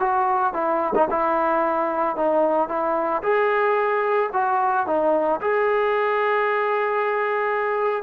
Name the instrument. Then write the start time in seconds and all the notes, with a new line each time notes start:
trombone
0.00 F#4
0.53 E4
0.95 D#4
1.10 E4
2.16 D#4
2.69 E4
3.23 G#4
4.33 F#4
4.87 D#4
5.41 G#4